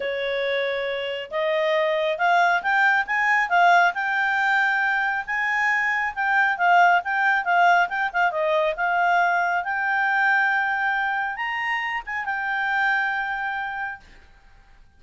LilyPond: \new Staff \with { instrumentName = "clarinet" } { \time 4/4 \tempo 4 = 137 cis''2. dis''4~ | dis''4 f''4 g''4 gis''4 | f''4 g''2. | gis''2 g''4 f''4 |
g''4 f''4 g''8 f''8 dis''4 | f''2 g''2~ | g''2 ais''4. gis''8 | g''1 | }